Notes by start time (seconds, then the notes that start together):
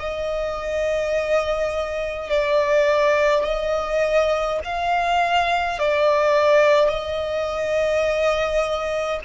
0.00 D#5
2.30 D5
3.45 D#5
4.65 F5
5.80 D5
6.90 D#5